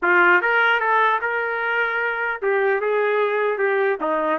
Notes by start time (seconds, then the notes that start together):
0.02 F4
0.41 A#4
0.79 A4
1.21 A#4
2.42 G4
2.80 G#4
3.58 G4
4.00 D#4